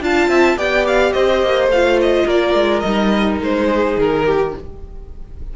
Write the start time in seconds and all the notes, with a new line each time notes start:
0.00 D4 F4 F5 A5
0.27 C4 E5
0.57 B3 G4 D5 G5
0.86 F5
1.12 C4 C5 D#5
1.42 A#3
1.67 A3 F4 F5
2.01 D#5
2.25 A#3 A#4 D5
2.54 G#3
2.80 G3 D#4 D#5
3.40 G#3 C5
3.69 G#4
3.96 D#3 A#4
4.25 G4